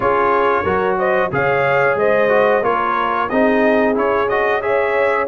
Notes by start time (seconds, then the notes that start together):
0.00 C#4 F4 G#4 C#5
0.62 F#3 F#4 A#4
0.98 C5 D#5
1.31 C#3 G#4 C#5 F5
1.95 G#3 C5 D#5
2.28 F#4
2.62 A#3 F4 A#4 C#5
3.29 C4 D#4 G#4 D#5
3.94 C#4 E4 C#5
4.28 F#4 D#5
4.61 G#4 C#5 E5